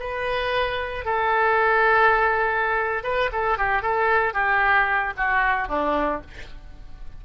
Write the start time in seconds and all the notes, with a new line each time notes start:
0.00 B4
1.05 A4
3.04 B4
3.33 A4
3.58 G4
3.82 A4
4.34 G4
5.17 F#4
5.68 D4